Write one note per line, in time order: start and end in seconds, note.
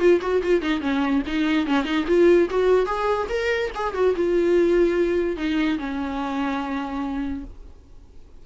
0.00 0.21 F4
0.22 0.43 F#4
0.43 0.62 F4
0.62 0.81 D#4
0.81 1.23 C#4
1.27 1.67 D#4
1.67 1.85 C#4
1.85 2.06 D#4
2.08 2.49 F4
2.50 2.86 F#4
2.86 3.28 G#4
3.30 3.71 A#4
3.75 3.94 G#4
3.94 4.15 F#4
4.16 5.37 F4
5.37 5.79 D#4
5.79 7.44 C#4